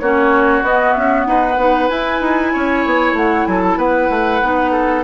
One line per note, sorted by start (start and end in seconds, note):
0.00 0.62 A#3
0.00 0.64 C#4
0.00 1.28 F#4
0.00 0.63 C#5
0.62 0.94 B3
0.62 1.59 B3
0.62 0.93 D#5
0.93 1.27 C#4
0.93 1.25 E5
1.27 1.57 D#4
1.27 2.54 B4
1.27 1.89 F#5
1.57 1.89 B3
1.57 1.90 D#4
1.89 4.42 E4
1.89 2.21 E4
1.89 3.15 G#5
2.21 2.53 D#4
2.54 2.86 C#4
2.54 3.48 C#5
2.86 3.13 B3
3.13 3.45 A3
3.13 3.46 F#5
3.46 3.77 F#3
3.46 3.78 A4
3.46 3.61 G#5
3.63 3.79 A5
3.77 4.09 B3
3.77 4.72 B4
3.77 5.04 F#5
4.10 4.42 A3
4.42 5.04 B3
4.42 5.04 D#4
4.72 5.04 A4